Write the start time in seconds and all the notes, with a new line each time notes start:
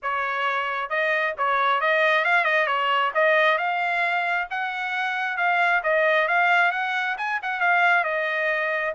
0.02 C#5
0.89 D#5
1.37 C#5
1.80 D#5
2.24 F5
2.44 D#5
2.66 C#5
3.14 D#5
3.57 F5
4.50 F#5
5.37 F5
5.83 D#5
6.28 F5
6.71 F#5
7.17 G#5
7.42 F#5
7.60 F5
8.04 D#5